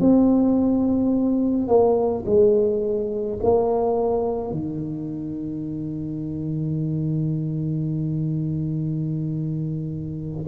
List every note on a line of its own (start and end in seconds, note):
0.00 1.68 C4
1.68 2.24 A#3
2.26 3.39 G#3
3.43 4.51 A#3
4.51 10.45 D#3